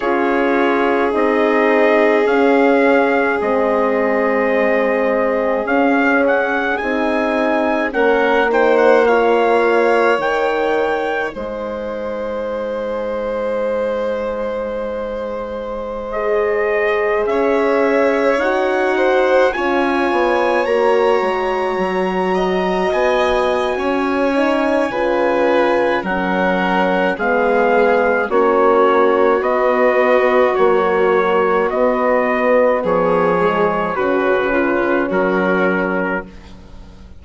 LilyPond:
<<
  \new Staff \with { instrumentName = "trumpet" } { \time 4/4 \tempo 4 = 53 cis''4 dis''4 f''4 dis''4~ | dis''4 f''8 fis''8 gis''4 fis''8 g''16 fis''16 | f''4 g''4 gis''2~ | gis''2~ gis''16 dis''4 e''8.~ |
e''16 fis''4 gis''4 ais''4.~ ais''16~ | ais''16 gis''2~ gis''8. fis''4 | f''4 cis''4 dis''4 cis''4 | dis''4 cis''4 b'4 ais'4 | }
  \new Staff \with { instrumentName = "violin" } { \time 4/4 gis'1~ | gis'2. ais'8 c''8 | cis''2 c''2~ | c''2.~ c''16 cis''8.~ |
cis''8. c''8 cis''2~ cis''8 dis''16~ | dis''4 cis''4 b'4 ais'4 | gis'4 fis'2.~ | fis'4 gis'4 fis'8 f'8 fis'4 | }
  \new Staff \with { instrumentName = "horn" } { \time 4/4 f'4 dis'4 cis'4 c'4~ | c'4 cis'4 dis'4 cis'8 dis'8 | f'4 dis'2.~ | dis'2~ dis'16 gis'4.~ gis'16~ |
gis'16 fis'4 f'4 fis'4.~ fis'16~ | fis'4. dis'8 f'4 cis'4 | b4 cis'4 b4 fis4 | b4. gis8 cis'2 | }
  \new Staff \with { instrumentName = "bassoon" } { \time 4/4 cis'4 c'4 cis'4 gis4~ | gis4 cis'4 c'4 ais4~ | ais4 dis4 gis2~ | gis2.~ gis16 cis'8.~ |
cis'16 dis'4 cis'8 b8 ais8 gis8 fis8.~ | fis16 b8. cis'4 cis4 fis4 | gis4 ais4 b4 ais4 | b4 f4 cis4 fis4 | }
>>